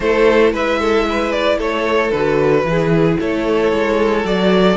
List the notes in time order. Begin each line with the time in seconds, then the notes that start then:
0.00 A3 E4 A4 C5
0.52 G#3 B4 E5
0.79 A4
1.09 B4
1.32 D5
1.57 A3 A4 C#5
2.11 D3 F#4 B4
2.64 E3 E4 G#4
3.19 A3 A4 C#5
3.72 G#3
4.24 F#3 F#4 D5